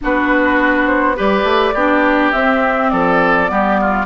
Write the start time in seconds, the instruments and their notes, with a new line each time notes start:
0.01 bassoon B3, clarinet D4, oboe F#4, flute B4
0.86 flute C5
1.16 bassoon G3, clarinet G4, oboe B4, flute D5
1.43 bassoon A3
1.74 bassoon B3, clarinet D4, oboe G4
2.32 clarinet C4, bassoon C4, flute E5
2.89 bassoon F3, oboe A4, flute D5
3.47 bassoon G3, clarinet B3, oboe G4
3.81 oboe F4